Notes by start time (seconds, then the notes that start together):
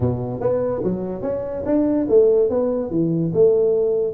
0.00 B2
0.40 B3
0.83 F#3
1.22 C#4
1.65 D4
2.08 A3
2.49 B3
2.90 E3
3.33 A3